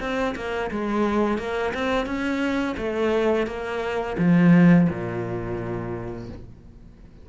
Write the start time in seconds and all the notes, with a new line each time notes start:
0.00 C4
0.36 A#3
0.71 G#3
1.38 A#3
1.74 C4
2.06 C#4
2.77 A3
3.47 A#3
4.18 F3
4.89 A#2